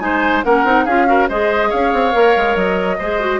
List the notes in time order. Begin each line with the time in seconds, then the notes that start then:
0.00 G#3 D#4 C5 G#5
0.44 A#3 C#4 A#4 F#5
0.65 C4 D#4
0.85 C#4 F4 G#4 F5
1.07 F#4 A#4
1.29 G#3 G#4 C5 D#5
1.70 C#4 C#5 F5
1.93 C4
2.12 A#3 A#4
2.37 G#3
2.56 F#3 D#5
2.99 G#3 G#4 C5
3.20 F#4